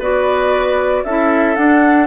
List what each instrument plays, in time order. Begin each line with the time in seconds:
0.00 bassoon B3, clarinet F#4, oboe B4, flute D5
1.05 bassoon C#4, clarinet E4, oboe A4, flute E5
1.56 clarinet D4, bassoon D4, flute F#5